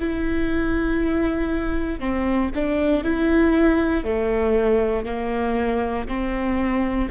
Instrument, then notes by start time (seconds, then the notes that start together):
viola
0.00 E4
1.99 C4
2.55 D4
3.03 E4
4.04 A3
5.05 A#3
6.07 C4